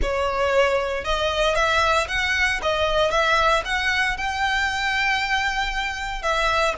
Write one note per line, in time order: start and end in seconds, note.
0.02 1.04 C#5
1.04 1.55 D#5
1.55 2.07 E5
2.08 2.60 F#5
2.62 3.10 D#5
3.10 3.63 E5
3.65 4.17 F#5
4.17 6.22 G5
6.22 6.74 E5